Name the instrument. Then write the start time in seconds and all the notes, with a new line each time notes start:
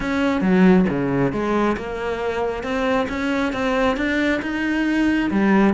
cello
0.00 C#4
0.41 F#3
0.89 C#3
1.32 G#3
1.76 A#3
2.63 C4
3.09 C#4
3.53 C4
3.96 D4
4.42 D#4
5.30 G3